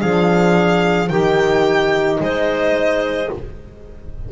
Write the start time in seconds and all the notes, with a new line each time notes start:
0.00 F3 D4 G#4 F5
1.08 D#3 D#4 G4 G5
2.20 G#3 C5 D#5